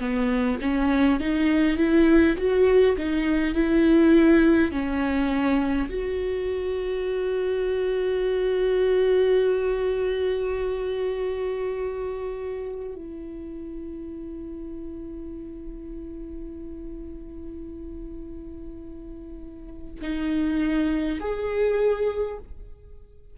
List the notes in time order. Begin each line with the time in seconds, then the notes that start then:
0.00 B3
0.61 C#4
1.20 D#4
1.77 E4
2.38 F#4
2.97 D#4
3.55 E4
4.72 C#4
5.90 F#4
12.95 E4
20.02 D#4
21.20 G#4